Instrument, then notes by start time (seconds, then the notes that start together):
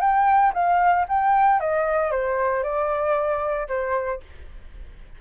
flute
0.00 G5
0.54 F5
1.08 G5
1.60 D#5
2.11 C5
2.63 D5
3.68 C5